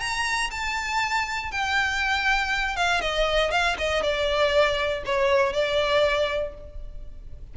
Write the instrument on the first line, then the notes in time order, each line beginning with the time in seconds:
violin
0.00 A#5
0.51 A5
1.51 G5
2.77 F5
3.01 D#5
3.51 F5
3.78 D#5
4.03 D5
5.06 C#5
5.53 D5